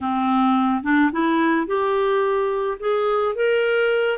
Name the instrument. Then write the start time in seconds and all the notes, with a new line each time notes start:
clarinet
0.00 C4
0.83 D4
1.12 E4
1.66 G4
2.79 G#4
3.35 A#4